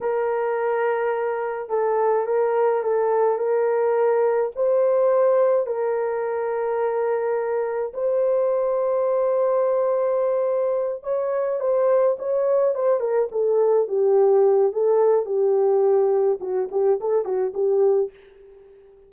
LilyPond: \new Staff \with { instrumentName = "horn" } { \time 4/4 \tempo 4 = 106 ais'2. a'4 | ais'4 a'4 ais'2 | c''2 ais'2~ | ais'2 c''2~ |
c''2.~ c''8 cis''8~ | cis''8 c''4 cis''4 c''8 ais'8 a'8~ | a'8 g'4. a'4 g'4~ | g'4 fis'8 g'8 a'8 fis'8 g'4 | }